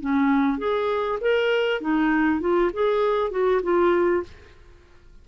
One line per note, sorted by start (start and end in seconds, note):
0.00 0.58 C#4
0.58 1.18 G#4
1.20 1.80 A#4
1.80 2.40 D#4
2.40 2.70 F4
2.73 3.31 G#4
3.31 3.61 F#4
3.62 4.23 F4